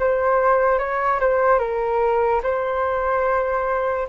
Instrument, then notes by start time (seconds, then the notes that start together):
flute
0.00 C5
0.79 C#5
1.21 C5
1.60 A#4
2.43 C5